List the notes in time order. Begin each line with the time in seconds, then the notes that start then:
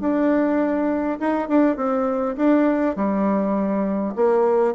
0.00 D4
1.20 D#4
1.48 D4
1.76 C4
2.37 D4
2.96 G3
4.16 A#3